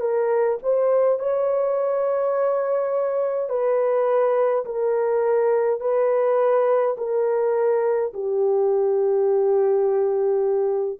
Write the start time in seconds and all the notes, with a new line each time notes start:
0.00 A#4
0.62 C5
1.19 C#5
3.49 B4
4.65 A#4
5.80 B4
6.97 A#4
8.13 G4